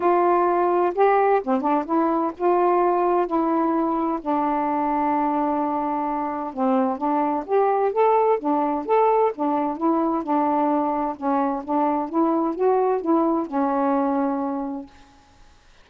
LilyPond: \new Staff \with { instrumentName = "saxophone" } { \time 4/4 \tempo 4 = 129 f'2 g'4 c'8 d'8 | e'4 f'2 e'4~ | e'4 d'2.~ | d'2 c'4 d'4 |
g'4 a'4 d'4 a'4 | d'4 e'4 d'2 | cis'4 d'4 e'4 fis'4 | e'4 cis'2. | }